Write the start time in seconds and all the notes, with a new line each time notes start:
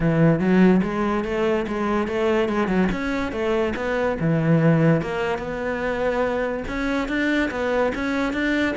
0.00 E3
0.39 F#3
0.82 G#3
1.24 A3
1.67 G#3
2.07 A3
2.48 G#3
2.67 F#3
2.92 C#4
3.32 A3
3.76 B3
4.20 E3
5.01 A#3
5.38 B3
6.68 C#4
7.08 D4
7.50 B3
7.95 C#4
8.33 D4